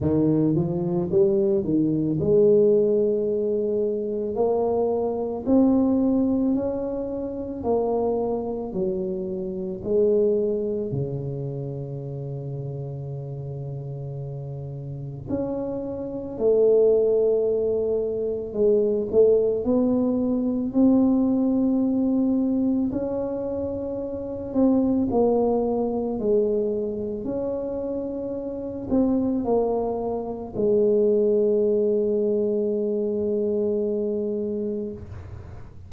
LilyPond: \new Staff \with { instrumentName = "tuba" } { \time 4/4 \tempo 4 = 55 dis8 f8 g8 dis8 gis2 | ais4 c'4 cis'4 ais4 | fis4 gis4 cis2~ | cis2 cis'4 a4~ |
a4 gis8 a8 b4 c'4~ | c'4 cis'4. c'8 ais4 | gis4 cis'4. c'8 ais4 | gis1 | }